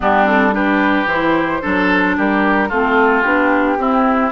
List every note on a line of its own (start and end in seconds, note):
0.00 1.05 G3
0.00 0.24 B3
0.00 0.54 D4
0.00 0.28 G4
0.24 0.51 C4
0.24 0.54 A4
0.52 1.06 D4
0.52 1.62 G4
0.52 1.08 B4
1.05 1.59 E3
1.05 1.62 E4
1.05 2.16 C5
1.62 2.17 F#3
1.62 2.70 D4
1.62 2.16 A4
2.17 2.70 G3
2.17 2.69 G4
2.17 2.70 A#4
2.69 3.24 A3
2.69 3.24 C4
2.69 3.77 F4
2.69 3.22 A4
3.22 3.77 B3
3.22 3.78 D4
3.22 4.30 G4
3.77 4.31 C4
3.77 4.31 E4